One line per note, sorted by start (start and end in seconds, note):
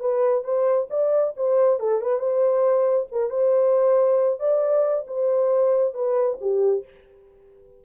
0.00 0.44 B4
0.44 0.88 C5
0.90 1.34 D5
1.36 1.80 C5
1.80 2.01 A4
2.01 2.19 B4
2.19 3.07 C5
3.12 3.30 A#4
3.30 4.39 C5
4.40 5.05 D5
5.07 5.94 C5
5.94 6.38 B4
6.41 6.85 G4